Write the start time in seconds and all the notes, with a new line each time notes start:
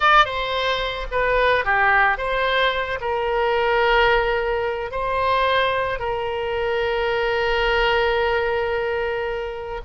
0.00 D5
0.25 C5
1.11 B4
1.64 G4
2.17 C5
3.00 A#4
4.91 C5
5.99 A#4